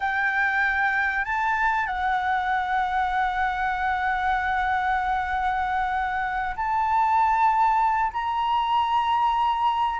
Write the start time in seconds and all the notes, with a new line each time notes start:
0.00 G5
1.24 A5
1.86 F#5
6.55 A5
8.12 A#5